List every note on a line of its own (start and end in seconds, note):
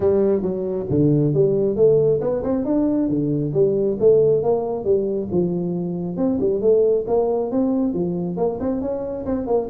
0.00 0.42 G3
0.42 0.86 F#3
0.89 1.34 D3
1.34 1.76 G3
1.76 2.20 A3
2.21 2.43 B3
2.43 2.65 C4
2.65 3.09 D4
3.09 3.53 D3
3.53 3.97 G3
3.99 4.42 A3
4.42 4.84 A#3
4.84 5.28 G3
5.31 6.16 F3
6.16 6.39 C4
6.40 6.61 G3
6.61 7.05 A3
7.07 7.51 A#3
7.51 7.93 C4
7.93 8.37 F3
8.37 8.59 A#3
8.60 8.81 C4
8.81 9.25 C#4
9.25 9.46 C4
9.46 9.68 A#3